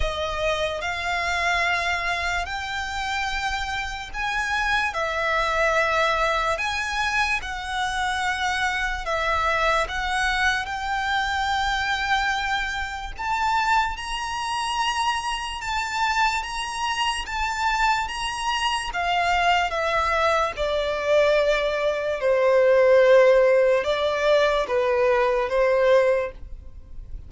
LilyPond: \new Staff \with { instrumentName = "violin" } { \time 4/4 \tempo 4 = 73 dis''4 f''2 g''4~ | g''4 gis''4 e''2 | gis''4 fis''2 e''4 | fis''4 g''2. |
a''4 ais''2 a''4 | ais''4 a''4 ais''4 f''4 | e''4 d''2 c''4~ | c''4 d''4 b'4 c''4 | }